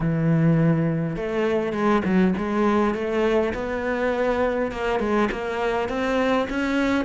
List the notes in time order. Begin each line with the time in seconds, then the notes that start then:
0.00 E3
1.16 A3
1.72 G#3
2.04 F#3
2.37 G#3
2.94 A3
3.53 B3
4.71 A#3
4.99 G#3
5.31 A#3
5.88 C4
6.49 C#4